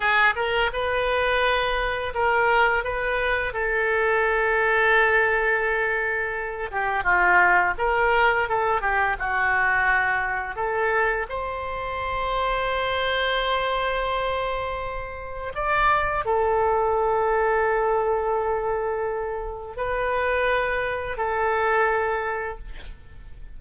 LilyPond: \new Staff \with { instrumentName = "oboe" } { \time 4/4 \tempo 4 = 85 gis'8 ais'8 b'2 ais'4 | b'4 a'2.~ | a'4. g'8 f'4 ais'4 | a'8 g'8 fis'2 a'4 |
c''1~ | c''2 d''4 a'4~ | a'1 | b'2 a'2 | }